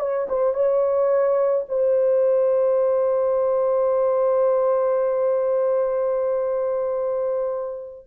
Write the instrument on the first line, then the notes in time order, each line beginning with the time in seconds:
horn
0.00 C#5
0.29 C5
0.54 C#5
1.69 C5